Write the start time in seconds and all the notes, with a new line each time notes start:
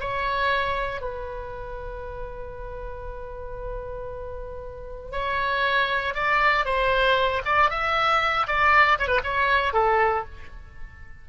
0.00 C#5
1.01 B4
5.12 C#5
6.14 D5
6.65 C5
7.45 D5
7.70 E5
8.47 D5
8.99 C#5
9.07 B4
9.24 C#5
9.73 A4